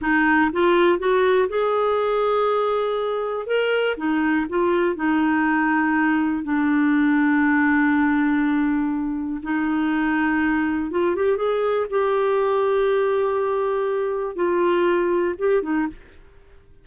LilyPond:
\new Staff \with { instrumentName = "clarinet" } { \time 4/4 \tempo 4 = 121 dis'4 f'4 fis'4 gis'4~ | gis'2. ais'4 | dis'4 f'4 dis'2~ | dis'4 d'2.~ |
d'2. dis'4~ | dis'2 f'8 g'8 gis'4 | g'1~ | g'4 f'2 g'8 dis'8 | }